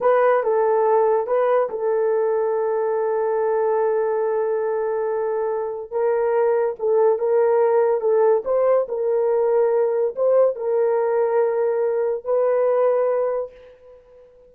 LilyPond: \new Staff \with { instrumentName = "horn" } { \time 4/4 \tempo 4 = 142 b'4 a'2 b'4 | a'1~ | a'1~ | a'2 ais'2 |
a'4 ais'2 a'4 | c''4 ais'2. | c''4 ais'2.~ | ais'4 b'2. | }